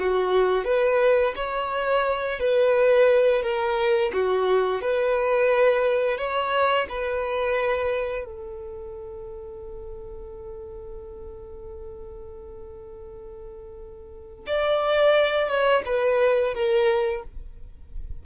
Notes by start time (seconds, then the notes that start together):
0.00 F#4
0.65 B4
1.36 C#5
2.40 B4
3.43 A#4
4.13 F#4
4.82 B4
6.18 C#5
6.89 B4
8.25 A4
14.47 D5
15.48 C#5
15.86 B4
16.55 A#4